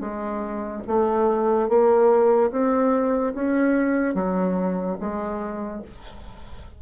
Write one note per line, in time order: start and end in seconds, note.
0.00 0.82 G#3
0.87 1.69 A3
1.69 2.51 A#3
2.51 3.34 C4
3.35 4.15 C#4
4.15 4.97 F#3
5.00 5.82 G#3